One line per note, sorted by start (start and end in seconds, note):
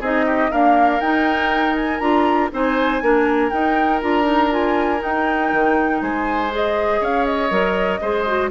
0.00 0.50 C4
0.00 0.52 D#4
0.00 0.25 G#4
0.00 0.52 D#5
0.26 0.51 G4
0.51 1.02 A#3
0.51 1.00 D4
0.51 2.51 A#4
0.51 1.01 F5
1.00 2.00 D#4
1.00 1.76 G5
1.76 1.99 G#5
1.99 2.50 D4
1.99 2.50 F4
1.99 2.49 A#5
2.52 3.02 C4
2.52 3.01 D#4
2.52 3.03 C5
2.52 3.50 G#5
3.01 3.52 A#3
3.01 3.51 D4
3.01 6.02 A#4
3.50 4.01 D#4
3.50 4.02 D#4
3.50 4.00 G5
4.01 5.02 D4
4.01 4.23 F4
4.01 4.52 A#5
4.23 4.48 D#4
4.51 4.99 F4
4.51 5.03 G#5
4.99 6.49 D#4
4.99 5.52 D#4
4.99 6.01 G5
5.52 6.01 D#3
6.01 7.01 G#3
6.01 7.00 C5
6.01 6.51 G#5
6.50 7.50 G#4
6.50 7.04 D#5
7.00 7.50 C#4
7.00 8.00 C#5
7.00 7.25 F5
7.25 8.50 D#5
7.50 8.00 F#3
7.50 8.00 A#4
8.01 8.51 G#3
8.01 8.26 G#4
8.01 8.51 C5
8.27 8.51 F#4